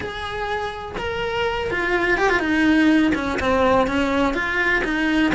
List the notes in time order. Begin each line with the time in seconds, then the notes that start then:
0.00 G#4
0.98 A#4
1.70 F4
2.17 G4
2.29 F4
2.39 D#4
3.14 C#4
3.39 C4
3.87 C#4
4.34 F4
4.84 D#4